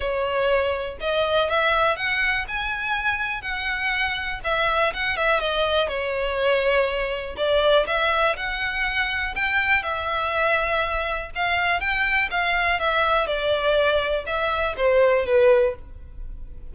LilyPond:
\new Staff \with { instrumentName = "violin" } { \time 4/4 \tempo 4 = 122 cis''2 dis''4 e''4 | fis''4 gis''2 fis''4~ | fis''4 e''4 fis''8 e''8 dis''4 | cis''2. d''4 |
e''4 fis''2 g''4 | e''2. f''4 | g''4 f''4 e''4 d''4~ | d''4 e''4 c''4 b'4 | }